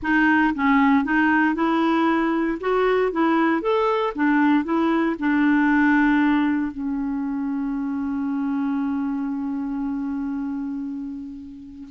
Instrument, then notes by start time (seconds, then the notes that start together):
clarinet
0.02 D#4
0.54 C#4
1.04 D#4
1.54 E4
2.60 F#4
3.12 E4
3.61 A4
4.15 D4
4.64 E4
5.19 D4
6.71 C#4